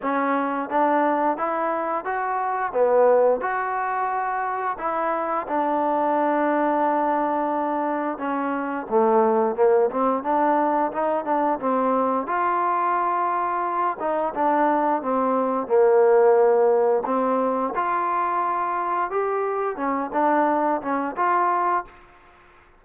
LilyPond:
\new Staff \with { instrumentName = "trombone" } { \time 4/4 \tempo 4 = 88 cis'4 d'4 e'4 fis'4 | b4 fis'2 e'4 | d'1 | cis'4 a4 ais8 c'8 d'4 |
dis'8 d'8 c'4 f'2~ | f'8 dis'8 d'4 c'4 ais4~ | ais4 c'4 f'2 | g'4 cis'8 d'4 cis'8 f'4 | }